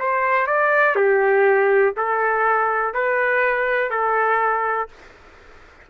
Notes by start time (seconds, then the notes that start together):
0.00 C5
0.47 D5
0.96 G4
1.98 A4
2.94 B4
3.91 A4